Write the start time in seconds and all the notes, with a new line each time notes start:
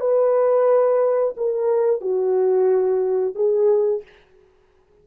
0.00 B4
1.37 A#4
2.01 F#4
3.35 G#4